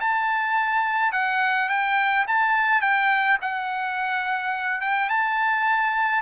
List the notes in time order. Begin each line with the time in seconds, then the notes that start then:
0.00 A5
1.12 F#5
1.69 G5
2.27 A5
2.81 G5
3.41 F#5
4.81 G5
5.09 A5